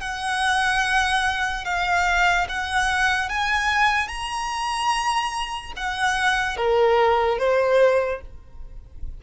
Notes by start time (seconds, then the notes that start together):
0.00 F#5
1.65 F5
2.49 F#5
3.29 G#5
4.08 A#5
5.76 F#5
6.56 A#4
7.38 C5